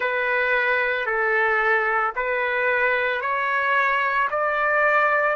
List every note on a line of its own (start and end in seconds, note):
0.00 1.06 B4
1.06 2.13 A4
2.15 3.21 B4
3.21 4.28 C#5
4.30 5.36 D5